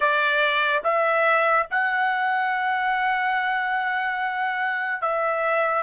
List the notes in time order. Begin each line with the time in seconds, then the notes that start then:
0.00 D5
0.83 E5
1.70 F#5
5.01 E5